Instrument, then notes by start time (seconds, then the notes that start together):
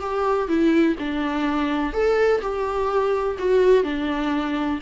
viola
0.00 G4
0.48 E4
0.99 D4
1.93 A4
2.41 G4
3.39 F#4
3.83 D4